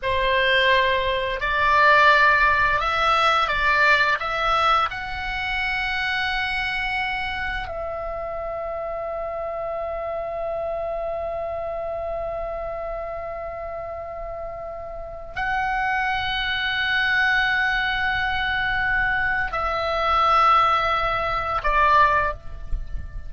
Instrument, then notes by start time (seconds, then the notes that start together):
oboe
0.02 C5
1.40 D5
2.79 E5
3.48 D5
4.19 E5
4.90 F#5
7.67 E5
15.35 F#5
19.52 E5
21.63 D5